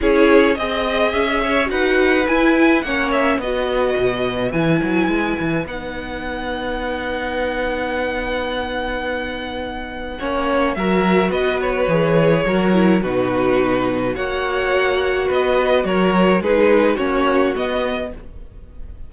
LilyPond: <<
  \new Staff \with { instrumentName = "violin" } { \time 4/4 \tempo 4 = 106 cis''4 dis''4 e''4 fis''4 | gis''4 fis''8 e''8 dis''2 | gis''2 fis''2~ | fis''1~ |
fis''2. e''4 | dis''8 cis''2~ cis''8 b'4~ | b'4 fis''2 dis''4 | cis''4 b'4 cis''4 dis''4 | }
  \new Staff \with { instrumentName = "violin" } { \time 4/4 gis'4 dis''4. cis''8 b'4~ | b'4 cis''4 b'2~ | b'1~ | b'1~ |
b'2 cis''4 ais'4 | b'2 ais'4 fis'4~ | fis'4 cis''2 b'4 | ais'4 gis'4 fis'2 | }
  \new Staff \with { instrumentName = "viola" } { \time 4/4 e'4 gis'2 fis'4 | e'4 cis'4 fis'2 | e'2 dis'2~ | dis'1~ |
dis'2 cis'4 fis'4~ | fis'4 gis'4 fis'8 e'8 dis'4~ | dis'4 fis'2.~ | fis'4 dis'4 cis'4 b4 | }
  \new Staff \with { instrumentName = "cello" } { \time 4/4 cis'4 c'4 cis'4 dis'4 | e'4 ais4 b4 b,4 | e8 fis8 gis8 e8 b2~ | b1~ |
b2 ais4 fis4 | b4 e4 fis4 b,4~ | b,4 ais2 b4 | fis4 gis4 ais4 b4 | }
>>